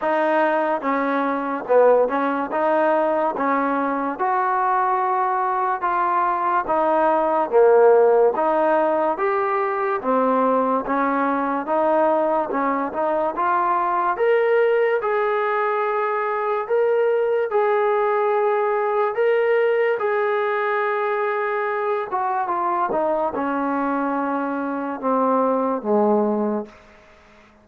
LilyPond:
\new Staff \with { instrumentName = "trombone" } { \time 4/4 \tempo 4 = 72 dis'4 cis'4 b8 cis'8 dis'4 | cis'4 fis'2 f'4 | dis'4 ais4 dis'4 g'4 | c'4 cis'4 dis'4 cis'8 dis'8 |
f'4 ais'4 gis'2 | ais'4 gis'2 ais'4 | gis'2~ gis'8 fis'8 f'8 dis'8 | cis'2 c'4 gis4 | }